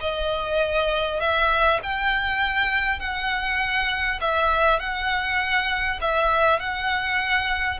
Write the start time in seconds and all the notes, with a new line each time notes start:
0.00 D#5
1.20 E5
1.82 G5
2.99 F#5
4.20 E5
4.79 F#5
6.01 E5
6.59 F#5